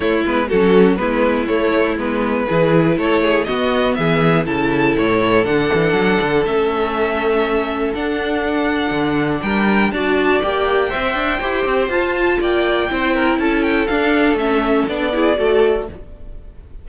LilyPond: <<
  \new Staff \with { instrumentName = "violin" } { \time 4/4 \tempo 4 = 121 cis''8 b'8 a'4 b'4 cis''4 | b'2 cis''4 dis''4 | e''4 a''4 cis''4 fis''4~ | fis''4 e''2. |
fis''2. g''4 | a''4 g''2. | a''4 g''2 a''8 g''8 | f''4 e''4 d''2 | }
  \new Staff \with { instrumentName = "violin" } { \time 4/4 e'4 fis'4 e'2~ | e'4 gis'4 a'8 gis'8 fis'4 | gis'4 a'2.~ | a'1~ |
a'2. ais'4 | d''2 e''4 c''4~ | c''4 d''4 c''8 ais'8 a'4~ | a'2~ a'8 gis'8 a'4 | }
  \new Staff \with { instrumentName = "viola" } { \time 4/4 a8 b8 cis'4 b4 a4 | b4 e'2 b4~ | b4 e'2 d'4~ | d'4 cis'2. |
d'1 | fis'4 g'4 c''4 g'4 | f'2 e'2 | d'4 cis'4 d'8 e'8 fis'4 | }
  \new Staff \with { instrumentName = "cello" } { \time 4/4 a8 gis8 fis4 gis4 a4 | gis4 e4 a4 b4 | e4 cis4 a,4 d8 e8 | fis8 d8 a2. |
d'2 d4 g4 | d'4 ais4 c'8 d'8 e'8 c'8 | f'4 ais4 c'4 cis'4 | d'4 a4 b4 a4 | }
>>